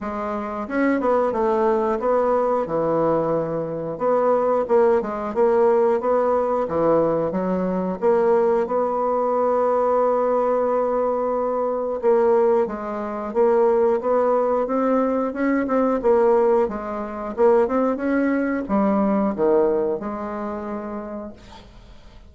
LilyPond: \new Staff \with { instrumentName = "bassoon" } { \time 4/4 \tempo 4 = 90 gis4 cis'8 b8 a4 b4 | e2 b4 ais8 gis8 | ais4 b4 e4 fis4 | ais4 b2.~ |
b2 ais4 gis4 | ais4 b4 c'4 cis'8 c'8 | ais4 gis4 ais8 c'8 cis'4 | g4 dis4 gis2 | }